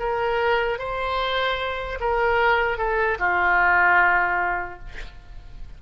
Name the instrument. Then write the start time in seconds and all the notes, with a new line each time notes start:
oboe
0.00 A#4
0.79 C5
2.01 A#4
2.78 A4
3.19 F4